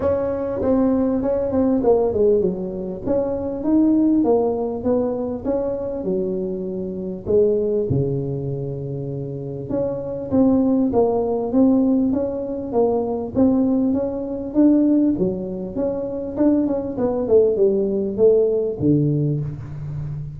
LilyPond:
\new Staff \with { instrumentName = "tuba" } { \time 4/4 \tempo 4 = 99 cis'4 c'4 cis'8 c'8 ais8 gis8 | fis4 cis'4 dis'4 ais4 | b4 cis'4 fis2 | gis4 cis2. |
cis'4 c'4 ais4 c'4 | cis'4 ais4 c'4 cis'4 | d'4 fis4 cis'4 d'8 cis'8 | b8 a8 g4 a4 d4 | }